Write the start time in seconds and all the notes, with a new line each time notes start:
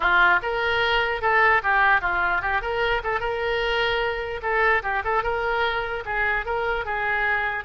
0.00 F4
0.42 A#4
1.21 A4
1.62 G4
2.01 F4
2.41 G4
2.61 A#4
3.03 A4
3.19 A#4
4.42 A4
4.82 G4
5.04 A4
5.23 A#4
6.05 G#4
6.45 A#4
6.85 G#4